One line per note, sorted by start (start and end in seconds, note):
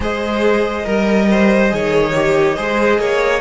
0.00 0.85 G#3
0.00 0.83 G#4
0.00 0.85 C5
0.00 3.40 D#5
0.83 1.72 G3
0.83 1.69 A#4
0.83 1.27 A#4
1.30 1.73 C5
1.70 2.57 D#3
1.70 2.12 G#4
1.70 2.56 C#5
2.15 2.56 G4
2.56 2.99 G#3
2.56 3.40 G#4
2.56 2.99 C5
2.99 3.40 A#3
2.99 3.40 C#5